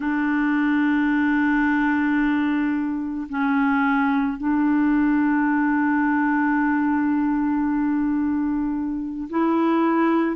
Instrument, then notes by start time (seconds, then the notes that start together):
clarinet
0.00 D4
3.29 C#4
4.37 D4
9.29 E4